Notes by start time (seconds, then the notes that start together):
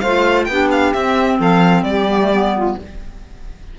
0.00 A3 C5 F5
0.07 F4
0.45 B3 D4 G4 G5
0.71 F5
0.93 C4 E5
1.38 F3 A4 F5
1.83 G3 G4 D5
2.08 B3
2.21 A3
2.33 B3
2.55 F4